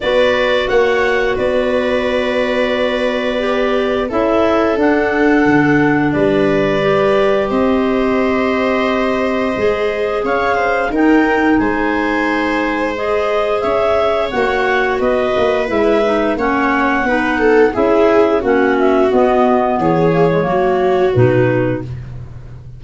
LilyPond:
<<
  \new Staff \with { instrumentName = "clarinet" } { \time 4/4 \tempo 4 = 88 d''4 fis''4 d''2~ | d''2 e''4 fis''4~ | fis''4 d''2 dis''4~ | dis''2. f''4 |
g''4 gis''2 dis''4 | e''4 fis''4 dis''4 e''4 | fis''2 e''4 fis''8 e''8 | dis''4 cis''2 b'4 | }
  \new Staff \with { instrumentName = "viola" } { \time 4/4 b'4 cis''4 b'2~ | b'2 a'2~ | a'4 b'2 c''4~ | c''2. cis''8 c''8 |
ais'4 c''2. | cis''2 b'2 | cis''4 b'8 a'8 gis'4 fis'4~ | fis'4 gis'4 fis'2 | }
  \new Staff \with { instrumentName = "clarinet" } { \time 4/4 fis'1~ | fis'4 g'4 e'4 d'4~ | d'2 g'2~ | g'2 gis'2 |
dis'2. gis'4~ | gis'4 fis'2 e'8 dis'8 | cis'4 dis'4 e'4 cis'4 | b4. ais16 gis16 ais4 dis'4 | }
  \new Staff \with { instrumentName = "tuba" } { \time 4/4 b4 ais4 b2~ | b2 cis'4 d'4 | d4 g2 c'4~ | c'2 gis4 cis'4 |
dis'4 gis2. | cis'4 ais4 b8 ais8 gis4 | ais4 b4 cis'4 ais4 | b4 e4 fis4 b,4 | }
>>